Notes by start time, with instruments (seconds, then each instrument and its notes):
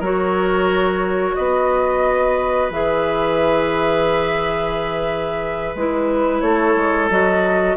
0.00 bassoon F#3, clarinet F#4, oboe A#4, flute C#5
1.35 bassoon B3, oboe B4, flute D#5
2.70 bassoon E3, clarinet G#4, flute E5
5.75 bassoon G#3, clarinet E4, flute B4
6.41 bassoon A3, oboe A4, flute C#5
6.76 bassoon G#3
7.10 bassoon F#3, clarinet F#4, flute D#5